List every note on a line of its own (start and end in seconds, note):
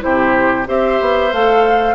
0.00 0.68 C3
0.00 0.65 E4
0.00 0.68 G4
0.00 0.67 C5
0.66 1.00 C4
0.66 1.31 G4
0.66 1.95 C5
0.66 1.33 E5
1.00 1.33 B3
1.32 1.95 A3
1.32 1.95 A4
1.32 1.95 F5